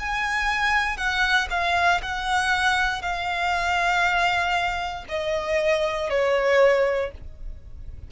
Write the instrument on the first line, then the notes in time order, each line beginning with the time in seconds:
violin
0.00 G#5
0.98 F#5
1.51 F5
2.02 F#5
3.02 F5
5.09 D#5
6.10 C#5